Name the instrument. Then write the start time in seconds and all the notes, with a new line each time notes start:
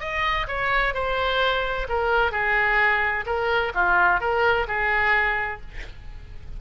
oboe
0.00 D#5
0.47 C#5
0.94 C5
1.89 A#4
2.32 G#4
3.26 A#4
3.74 F4
4.20 A#4
4.67 G#4